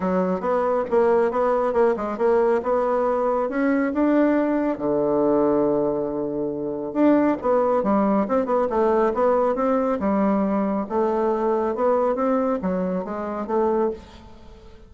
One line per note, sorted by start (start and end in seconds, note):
0.00 0.40 F#3
0.40 0.84 B3
0.90 1.31 A#3
1.31 1.73 B3
1.73 1.95 A#3
1.96 2.17 G#3
2.17 2.61 A#3
2.62 3.49 B3
3.49 3.92 C#4
3.93 4.78 D4
4.78 6.93 D3
6.93 7.36 D4
7.41 7.83 B3
7.83 8.26 G3
8.27 8.45 C4
8.45 8.67 B3
8.69 9.13 A3
9.13 9.55 B3
9.55 9.98 C4
9.99 10.86 G3
10.89 11.75 A3
11.75 12.15 B3
12.15 12.58 C4
12.62 13.04 F#3
13.04 13.46 G#3
13.46 13.90 A3